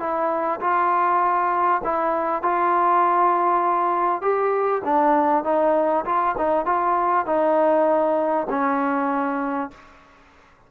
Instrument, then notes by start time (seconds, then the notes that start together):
trombone
0.00 E4
0.61 F4
1.85 E4
2.43 F4
4.22 G4
4.85 D4
5.44 D#4
6.06 F4
6.38 D#4
6.66 F4
7.26 D#4
8.50 C#4